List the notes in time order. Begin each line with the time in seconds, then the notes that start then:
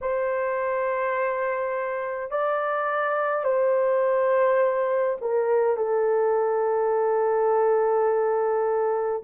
0.01 C5
2.30 D5
3.44 C5
5.21 A#4
5.76 A4